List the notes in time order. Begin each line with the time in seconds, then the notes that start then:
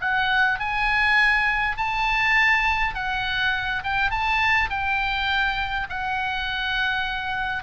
0.00 F#5
0.59 G#5
1.76 A5
2.94 F#5
3.83 G5
4.10 A5
4.69 G5
5.89 F#5